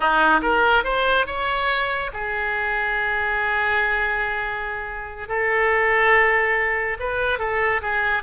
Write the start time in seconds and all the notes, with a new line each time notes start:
0.00 D#4
0.42 A#4
0.84 C5
1.26 C#5
2.13 G#4
5.28 A4
6.99 B4
7.38 A4
7.81 G#4